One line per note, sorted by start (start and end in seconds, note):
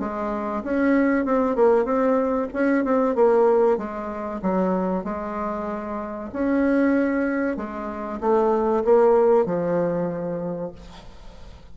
0.00 0.63 G#3
0.64 1.25 C#4
1.25 1.56 C4
1.56 1.85 A#3
1.85 2.48 C4
2.53 2.84 C#4
2.84 3.16 C4
3.16 3.78 A#3
3.78 4.41 G#3
4.42 5.04 F#3
5.04 6.30 G#3
6.33 7.57 C#4
7.57 8.20 G#3
8.20 8.84 A3
8.84 9.46 A#3
9.46 10.72 F3